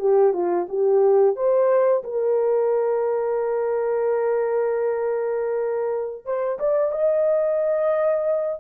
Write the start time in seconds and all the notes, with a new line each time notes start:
0.00 G4
0.33 F4
0.69 G4
1.36 C5
2.04 A#4
6.25 C5
6.59 D5
6.92 D#5